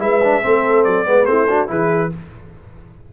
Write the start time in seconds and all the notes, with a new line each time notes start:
0.00 G#3 E4 B4 E5
0.24 D4
0.43 A3 C4 A4
0.84 F#3 D5
1.06 G#3 B3 B4
1.25 A3 C4 E4 C5
1.48 D4 F#4
1.67 E3 E4 G#4 B4